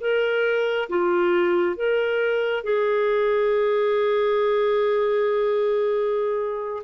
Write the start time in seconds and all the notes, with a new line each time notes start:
0.00 A#4
0.89 F4
1.76 A#4
2.63 G#4